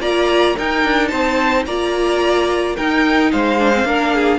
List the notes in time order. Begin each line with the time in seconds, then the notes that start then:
0.00 A#3 F4 D5 A#5
0.56 D#4 A#4 G5
0.84 D4
1.08 C4 C5 A5
1.66 A#3 F4 D5 A#5
2.76 D#4 A#4 G5
3.32 G#3 C5 F5
3.59 D4
3.74 C4
3.84 A#3 D4 A#4
4.15 G#4